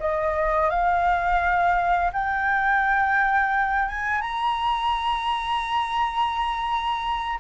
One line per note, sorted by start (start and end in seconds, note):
0.00 0.70 D#5
0.70 2.11 F5
2.13 3.88 G5
3.88 4.21 G#5
4.21 7.39 A#5